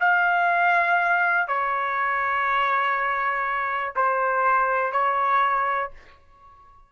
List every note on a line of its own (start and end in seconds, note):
0.00 1.48 F5
1.48 3.93 C#5
3.96 4.92 C5
4.92 5.90 C#5